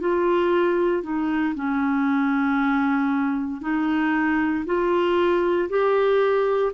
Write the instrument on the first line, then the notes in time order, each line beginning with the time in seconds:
clarinet
0.00 F4
1.03 D#4
1.55 C#4
3.61 D#4
4.66 F4
5.69 G4